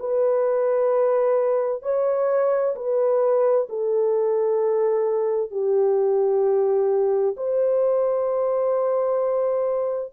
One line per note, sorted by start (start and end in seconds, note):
0.00 1.83 B4
1.83 2.75 C#5
2.76 3.68 B4
3.70 5.51 A4
5.51 7.36 G4
7.37 10.14 C5